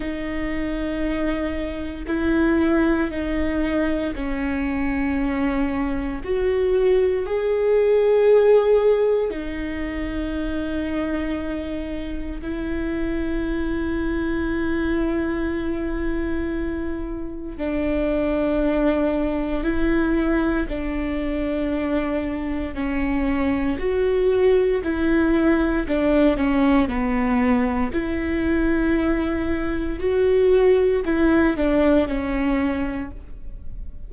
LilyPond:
\new Staff \with { instrumentName = "viola" } { \time 4/4 \tempo 4 = 58 dis'2 e'4 dis'4 | cis'2 fis'4 gis'4~ | gis'4 dis'2. | e'1~ |
e'4 d'2 e'4 | d'2 cis'4 fis'4 | e'4 d'8 cis'8 b4 e'4~ | e'4 fis'4 e'8 d'8 cis'4 | }